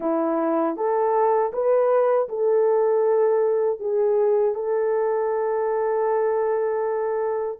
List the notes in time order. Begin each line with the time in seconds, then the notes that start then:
0.00 E4
0.76 A4
1.52 B4
2.29 A4
3.79 G#4
4.55 A4